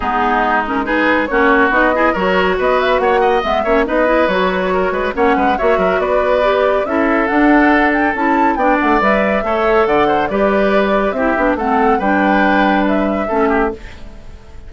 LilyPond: <<
  \new Staff \with { instrumentName = "flute" } { \time 4/4 \tempo 4 = 140 gis'4. ais'8 b'4 cis''4 | dis''4 cis''4 dis''8 e''8 fis''4 | e''4 dis''4 cis''2 | fis''4 e''4 d''2 |
e''4 fis''4. g''8 a''4 | g''8 fis''8 e''2 fis''4 | d''2 e''4 fis''4 | g''2 e''2 | }
  \new Staff \with { instrumentName = "oboe" } { \time 4/4 dis'2 gis'4 fis'4~ | fis'8 gis'8 ais'4 b'4 cis''8 dis''8~ | dis''8 cis''8 b'2 ais'8 b'8 | cis''8 b'8 cis''8 ais'8 b'2 |
a'1 | d''2 cis''4 d''8 c''8 | b'2 g'4 a'4 | b'2. a'8 g'8 | }
  \new Staff \with { instrumentName = "clarinet" } { \time 4/4 b4. cis'8 dis'4 cis'4 | dis'8 e'8 fis'2. | b8 cis'8 dis'8 e'8 fis'2 | cis'4 fis'2 g'4 |
e'4 d'2 e'4 | d'4 b'4 a'2 | g'2 e'8 d'8 c'4 | d'2. cis'4 | }
  \new Staff \with { instrumentName = "bassoon" } { \time 4/4 gis2. ais4 | b4 fis4 b4 ais4 | gis8 ais8 b4 fis4. gis8 | ais8 gis8 ais8 fis8 b2 |
cis'4 d'2 cis'4 | b8 a8 g4 a4 d4 | g2 c'8 b8 a4 | g2. a4 | }
>>